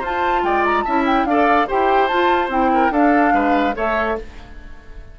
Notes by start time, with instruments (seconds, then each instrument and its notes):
0.00 bassoon F4, clarinet F4, oboe C5, flute A5
0.43 bassoon G#3, oboe D5, flute G5
0.65 flute A#5
0.83 bassoon C#4, clarinet E4, oboe E5, flute A5
1.06 flute G5
1.25 bassoon D4, clarinet A4, oboe D5, flute F5
1.68 bassoon E4, clarinet G4, oboe C5, flute G5
2.08 bassoon F4, clarinet F4, flute A5
2.49 bassoon C4, clarinet E4, flute G5
2.74 oboe A#4
2.91 bassoon D4, clarinet D4, oboe A4, flute F5
3.34 bassoon G#3, oboe B4
3.74 bassoon A3, clarinet A4, oboe C#5, flute E5